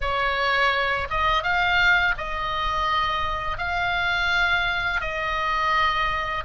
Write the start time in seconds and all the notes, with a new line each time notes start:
0.01 C#5
1.09 D#5
1.43 F5
2.17 D#5
3.57 F5
5.01 D#5